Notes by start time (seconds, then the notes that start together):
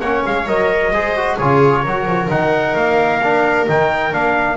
0.00 A#3 C#4 C#5 F#5
0.25 G#3 F5
0.46 F#3 A#4 D#5
0.91 G#3 G#4 C5
1.16 F#4
1.35 C#3 F4 G#4 C#5
1.82 F#3 F#4 A#4
2.05 F3
2.29 D#3 D#4 F#5
2.75 A#3 F5
3.23 D4
3.67 D#3 D#4 G5
4.12 A#3 D4 F5